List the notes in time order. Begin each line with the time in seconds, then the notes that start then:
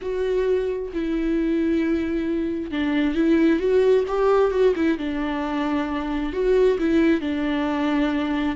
0.01 F#4
0.93 E4
2.71 D4
3.14 E4
3.59 F#4
4.07 G4
4.51 F#4
4.75 E4
4.98 D4
6.32 F#4
6.78 E4
7.21 D4